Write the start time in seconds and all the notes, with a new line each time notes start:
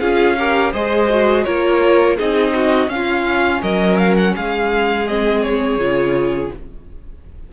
0.00 C#4 F4 G#4 F5
0.38 G4 A#4
0.72 G#3 G#4 C5 D#5
1.10 F#4
1.44 A#3 F4 A#4 C#5
2.17 C4 D#4 G#4 D#5
2.54 F#4
2.88 C#4 F5
2.95 F4
3.62 F#3 A#4 D#5
3.97 F5
4.17 F#5
4.36 G#3 G#4 F5
5.07 C4 D#5
5.42 C#5
5.78 C#3 F4